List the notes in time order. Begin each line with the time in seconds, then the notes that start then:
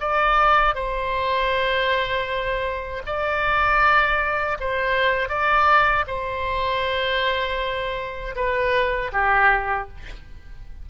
0.00 D5
0.75 C5
3.06 D5
4.60 C5
5.29 D5
6.07 C5
8.35 B4
9.12 G4